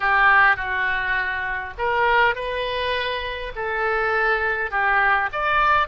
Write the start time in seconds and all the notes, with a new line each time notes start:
0.00 G4
0.56 F#4
1.78 A#4
2.35 B4
3.55 A4
4.71 G4
5.32 D5